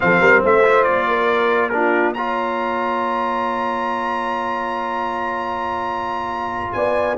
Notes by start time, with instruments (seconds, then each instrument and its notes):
0.00 tuba F3, trombone C4, horn A4, trumpet F5
0.20 tuba G3, horn A#4
0.41 tuba A3, horn C5, trumpet E5
0.63 trombone F4
0.83 tuba A#3, trumpet D5
1.07 horn A#4
1.69 trombone D4, trumpet A#4
1.75 horn F4
2.13 trombone F4, horn C#5, trumpet A#5
6.72 tuba B3, horn D5, trumpet G#5